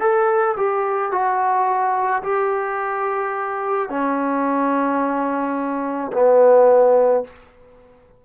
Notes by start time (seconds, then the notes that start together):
0.00 A4
0.57 G4
1.11 F#4
2.23 G4
3.89 C#4
6.13 B3